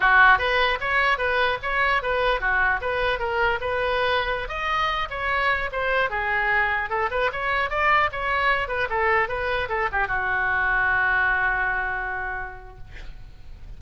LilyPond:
\new Staff \with { instrumentName = "oboe" } { \time 4/4 \tempo 4 = 150 fis'4 b'4 cis''4 b'4 | cis''4 b'4 fis'4 b'4 | ais'4 b'2~ b'16 dis''8.~ | dis''8. cis''4. c''4 gis'8.~ |
gis'4~ gis'16 a'8 b'8 cis''4 d''8.~ | d''16 cis''4. b'8 a'4 b'8.~ | b'16 a'8 g'8 fis'2~ fis'8.~ | fis'1 | }